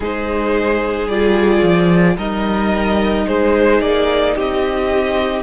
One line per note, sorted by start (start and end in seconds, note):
0.00 1.07 G#3
0.00 1.10 D#4
0.00 2.15 G#4
0.00 1.07 C5
1.07 1.61 G3
1.07 2.18 F4
1.07 2.17 D5
1.62 2.16 F3
2.17 3.26 G3
2.17 5.42 D#4
2.17 3.26 A#4
2.17 3.27 D#5
3.27 3.81 G#3
3.27 4.35 G#4
3.27 3.80 C5
3.80 4.35 A#3
3.80 4.35 D5
4.35 5.42 C4
4.35 5.42 G4
4.35 5.42 D#5